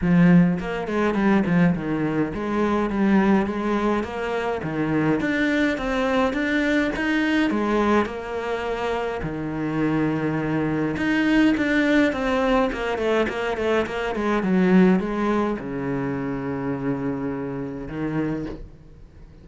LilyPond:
\new Staff \with { instrumentName = "cello" } { \time 4/4 \tempo 4 = 104 f4 ais8 gis8 g8 f8 dis4 | gis4 g4 gis4 ais4 | dis4 d'4 c'4 d'4 | dis'4 gis4 ais2 |
dis2. dis'4 | d'4 c'4 ais8 a8 ais8 a8 | ais8 gis8 fis4 gis4 cis4~ | cis2. dis4 | }